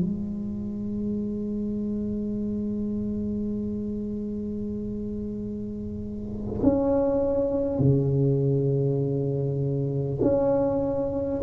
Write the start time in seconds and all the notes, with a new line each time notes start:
0.00 G#3
6.63 C#4
7.79 C#3
10.22 C#4